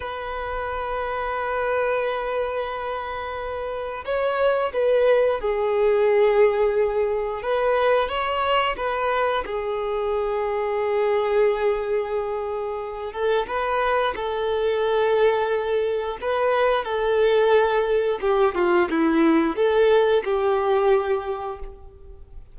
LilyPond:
\new Staff \with { instrumentName = "violin" } { \time 4/4 \tempo 4 = 89 b'1~ | b'2 cis''4 b'4 | gis'2. b'4 | cis''4 b'4 gis'2~ |
gis'2.~ gis'8 a'8 | b'4 a'2. | b'4 a'2 g'8 f'8 | e'4 a'4 g'2 | }